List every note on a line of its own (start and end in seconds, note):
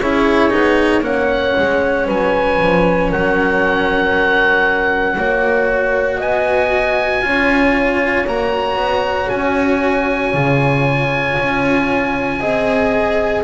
0.00 0.52 C#4
0.00 0.50 E4
0.00 1.03 G#4
0.00 1.03 C#5
0.50 1.01 B3
0.50 1.02 D#4
1.01 1.52 A#3
1.01 5.16 C#4
1.01 2.06 C#5
1.01 2.07 F#5
1.58 2.08 G#3
2.06 2.60 F#3
2.06 3.09 B4
2.06 3.12 G#5
2.60 3.12 F3
3.09 5.17 F#3
3.09 5.16 A#4
3.09 6.21 F#5
5.17 6.20 A#3
5.17 7.22 F#4
5.17 6.17 C#5
6.17 7.24 B3
6.17 7.21 D#5
6.17 8.28 G#5
7.22 8.27 C#4
7.22 8.25 F4
7.22 12.40 C#5
8.27 8.76 A#3
8.27 10.33 F#4
8.27 9.29 A#5
8.76 9.27 B3
9.29 10.34 C#4
9.29 13.43 G#5
10.34 11.37 C#3
10.34 12.40 F4
11.38 12.40 C#4
12.40 13.43 C4
12.40 13.43 G#4
12.40 13.43 D#5